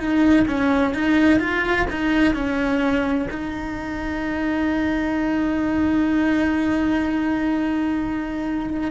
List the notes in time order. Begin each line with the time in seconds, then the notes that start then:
0.00 D#4
0.48 C#4
0.95 D#4
1.40 F4
1.90 D#4
2.34 C#4
3.31 D#4